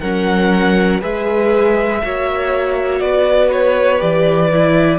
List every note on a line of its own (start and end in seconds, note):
0.00 1.02 F#3
0.00 1.01 C#4
0.00 1.00 A#4
0.00 1.00 F#5
1.00 2.03 G#3
1.00 2.01 G#4
1.00 2.00 B4
1.00 3.00 E5
2.02 3.01 A#3
2.02 3.99 F#4
2.02 3.03 C#5
3.00 4.01 B3
3.00 4.99 B4
3.00 3.50 D5
3.52 4.01 C#5
3.99 4.99 E3
3.99 4.49 G4
3.99 4.99 D5
4.52 4.99 E4